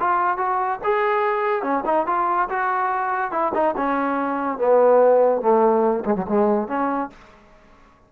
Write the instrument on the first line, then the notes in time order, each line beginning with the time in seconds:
trombone
0.00 F4
0.38 F#4
0.84 G#4
1.63 C#4
1.86 D#4
2.07 F4
2.50 F#4
3.32 E4
3.55 D#4
3.77 C#4
4.59 B3
5.42 A3
6.06 G#3
6.16 F#3
6.29 G#3
6.68 C#4